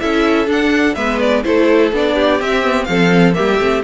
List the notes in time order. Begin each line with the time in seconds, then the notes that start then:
0.00 C#4 E4 A4 E5
0.47 D4 F#5
0.95 G#3 B3 B4 E5
1.20 D5
1.44 A3 E4 A4 C5
1.92 B3 D4 D5
2.14 G4
2.40 C4 E5
2.62 B3
2.85 F3 C4 A4 F5
3.33 A#3 G4 E5
3.40 G3
3.59 A3 C4